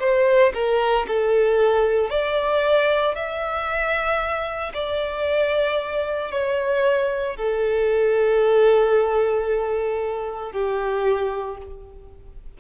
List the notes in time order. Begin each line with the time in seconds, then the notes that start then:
0.00 C5
0.54 A#4
1.08 A4
2.10 D5
3.15 E5
4.74 D5
6.32 C#5
7.37 A4
10.52 G4